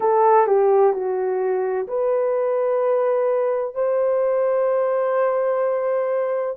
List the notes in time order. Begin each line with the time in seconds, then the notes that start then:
0.00 A4
0.46 G4
0.93 F#4
1.87 B4
3.74 C5